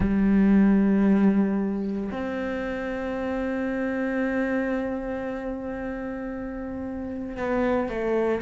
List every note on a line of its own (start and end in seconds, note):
0.00 2.10 G3
2.11 7.36 C4
7.36 7.89 B3
7.89 8.41 A3